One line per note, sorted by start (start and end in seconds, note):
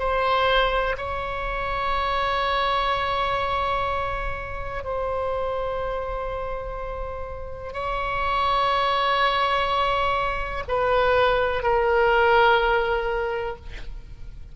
0.00 0.97 C5
0.98 4.85 C#5
4.85 7.74 C5
7.74 10.64 C#5
10.68 11.63 B4
11.63 13.57 A#4